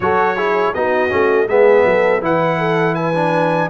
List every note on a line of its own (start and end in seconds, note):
0.00 0.72 F#3
0.00 0.36 F#4
0.00 0.36 A4
0.00 0.73 C#5
0.36 0.73 E4
0.36 0.73 G#4
0.73 1.12 B3
0.73 1.09 D#4
0.73 1.48 F#4
0.73 1.48 D#5
1.09 1.47 A3
1.09 1.46 C#4
1.47 1.84 G#3
1.47 2.21 B3
1.47 1.85 G#4
1.47 2.22 E5
1.84 2.21 F#3
1.84 2.23 A4
2.21 3.69 E3
2.21 3.13 E4
2.21 2.58 B4
2.21 2.94 F#5
2.58 2.95 A4
2.94 3.69 B4
2.94 3.69 G#5
3.15 3.69 D4